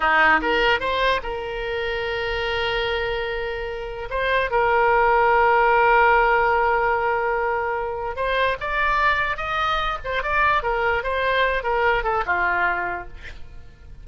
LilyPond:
\new Staff \with { instrumentName = "oboe" } { \time 4/4 \tempo 4 = 147 dis'4 ais'4 c''4 ais'4~ | ais'1~ | ais'2 c''4 ais'4~ | ais'1~ |
ais'1 | c''4 d''2 dis''4~ | dis''8 c''8 d''4 ais'4 c''4~ | c''8 ais'4 a'8 f'2 | }